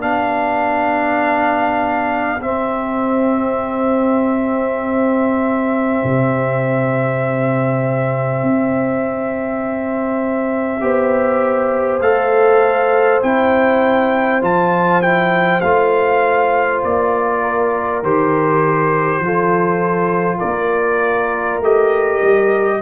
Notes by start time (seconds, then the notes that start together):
0.00 B3 D4 G4 F5
2.41 C4 E5
6.04 C3
8.43 C4
10.81 B3 G4 C5
12.01 A3 A4 F5
13.23 C4 E4 G5
14.42 F3 F4 A5
15.02 E4 G5
15.61 A3 F4 F5
16.84 A#3 D5
17.41 A#4
18.03 D#3 G4 C5
19.20 F3 F4 A4
20.39 A#3 A#4 D5
21.60 A3 G4 D#5
22.22 G3